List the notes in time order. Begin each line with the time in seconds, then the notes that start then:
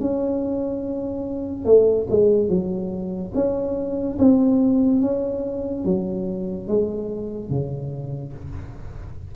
0.00 C#4
1.65 A3
2.10 G#3
2.49 F#3
3.34 C#4
4.19 C4
5.01 C#4
5.85 F#3
6.68 G#3
7.50 C#3